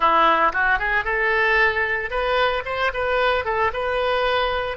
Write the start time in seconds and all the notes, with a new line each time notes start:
0.00 E4
0.52 F#4
0.78 G#4
1.04 A4
2.10 B4
2.65 C5
2.93 B4
3.44 A4
3.73 B4